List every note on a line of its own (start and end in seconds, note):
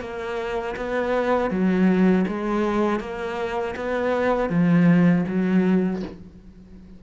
0.00 0.75 A#3
0.76 1.50 B3
1.50 2.25 F#3
2.27 3.00 G#3
3.00 3.75 A#3
3.75 4.49 B3
4.49 5.24 F3
5.27 6.02 F#3